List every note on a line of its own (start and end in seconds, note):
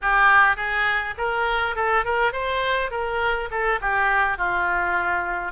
0.01 0.56 G4
0.56 1.14 G#4
1.17 1.75 A#4
1.75 2.04 A4
2.04 2.32 A#4
2.32 2.90 C5
2.90 3.49 A#4
3.50 3.79 A4
3.81 4.37 G4
4.37 5.52 F4